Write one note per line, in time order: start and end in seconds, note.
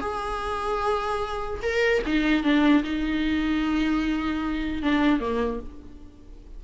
0.00 1.60 G#4
1.62 2.02 A#4
2.05 2.43 D#4
2.43 2.83 D4
2.83 4.82 D#4
4.82 5.20 D4
5.20 5.60 A#3